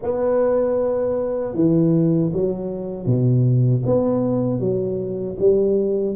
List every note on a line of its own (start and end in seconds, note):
0.02 1.54 B3
1.54 2.31 E3
2.33 3.06 F#3
3.06 3.83 B2
3.85 4.59 B3
4.59 5.36 F#3
5.39 6.15 G3